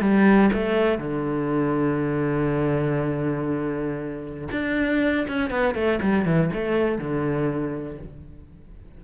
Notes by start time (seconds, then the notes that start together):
0.00 G3
0.53 A3
0.98 D3
4.51 D4
5.27 C#4
5.50 B3
5.74 A3
6.02 G3
6.25 E3
6.53 A3
6.98 D3